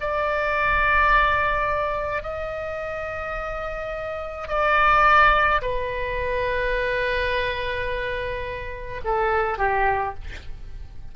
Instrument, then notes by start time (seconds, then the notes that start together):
oboe
0.00 D5
2.22 D#5
4.48 D5
5.61 B4
9.04 A4
9.58 G4